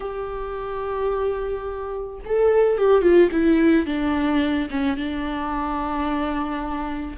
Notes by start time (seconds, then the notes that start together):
0.00 G4
2.25 A4
2.77 G4
3.02 F4
3.31 E4
3.86 D4
4.70 C#4
4.96 D4